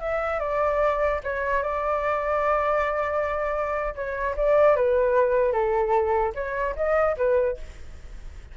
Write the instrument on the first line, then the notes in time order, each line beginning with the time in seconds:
flute
0.00 E5
0.39 D5
1.23 C#5
1.63 D5
3.95 C#5
4.36 D5
4.76 B4
5.52 A4
6.35 C#5
6.76 D#5
7.17 B4